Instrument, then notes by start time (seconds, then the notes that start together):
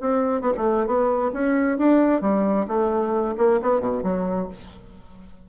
bassoon
0.00 C4
0.41 B3
0.57 A3
0.86 B3
1.33 C#4
1.78 D4
2.21 G3
2.67 A3
3.37 A#3
3.62 B3
3.80 B2
4.03 F#3